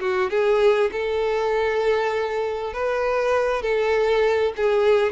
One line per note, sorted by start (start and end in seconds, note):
0.00 0.30 F#4
0.30 0.90 G#4
0.92 2.73 A4
2.73 3.62 B4
3.62 4.53 A4
4.56 5.12 G#4